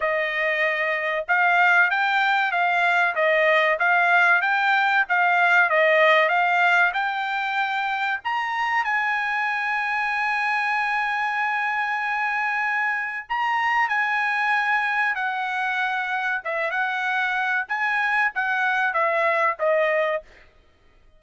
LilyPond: \new Staff \with { instrumentName = "trumpet" } { \time 4/4 \tempo 4 = 95 dis''2 f''4 g''4 | f''4 dis''4 f''4 g''4 | f''4 dis''4 f''4 g''4~ | g''4 ais''4 gis''2~ |
gis''1~ | gis''4 ais''4 gis''2 | fis''2 e''8 fis''4. | gis''4 fis''4 e''4 dis''4 | }